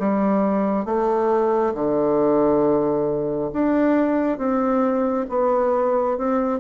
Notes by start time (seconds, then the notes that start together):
0.00 G3
0.85 A3
1.74 D3
3.53 D4
4.38 C4
5.30 B3
6.18 C4